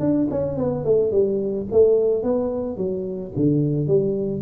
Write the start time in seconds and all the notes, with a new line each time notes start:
0.00 D4
0.31 C#4
0.58 B3
0.85 A3
1.11 G3
1.72 A3
2.23 B3
2.77 F#3
3.36 D3
3.87 G3